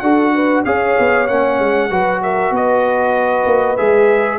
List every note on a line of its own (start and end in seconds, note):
0.00 0.65 D4
0.00 0.65 F#4
0.00 0.34 A4
0.00 0.62 F#5
0.35 0.64 B4
0.64 0.97 C#4
0.64 1.28 G#4
0.64 1.89 C#5
0.64 1.28 F5
0.99 1.30 B3
1.28 1.59 A#3
1.28 1.90 C#4
1.28 2.21 F#5
1.59 1.91 G#3
1.90 2.51 F#3
1.90 3.78 F#4
1.90 2.21 B4
2.22 2.54 A#4
2.22 2.54 E5
2.51 3.45 B3
2.51 4.39 B4
2.51 3.77 D#5
3.46 3.77 A#3
3.77 4.39 G#3
3.77 4.39 G#4
3.77 4.39 E5